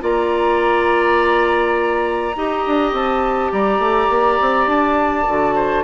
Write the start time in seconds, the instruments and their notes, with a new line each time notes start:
0.00 bassoon A#3, clarinet F4, oboe D5, flute A#5
2.36 bassoon D#4, clarinet G4, oboe D#5
2.66 bassoon D4
2.93 bassoon C4, flute A5
3.52 bassoon G3, oboe D5, flute A#5
3.79 bassoon A3
4.09 bassoon A#3
4.41 bassoon C4
4.67 bassoon D4, flute A5
5.27 bassoon D3, clarinet F#4
5.55 oboe C5